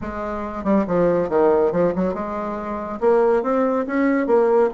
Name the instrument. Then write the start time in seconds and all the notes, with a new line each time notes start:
bassoon
0.01 G#3
0.64 G3
0.87 F3
1.29 D#3
1.72 F3
1.95 F#3
2.14 G#3
3.00 A#3
3.42 C4
3.86 C#4
4.26 A#3